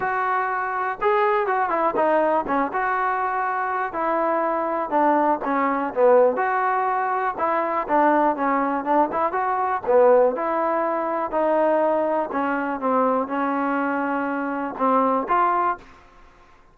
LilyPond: \new Staff \with { instrumentName = "trombone" } { \time 4/4 \tempo 4 = 122 fis'2 gis'4 fis'8 e'8 | dis'4 cis'8 fis'2~ fis'8 | e'2 d'4 cis'4 | b4 fis'2 e'4 |
d'4 cis'4 d'8 e'8 fis'4 | b4 e'2 dis'4~ | dis'4 cis'4 c'4 cis'4~ | cis'2 c'4 f'4 | }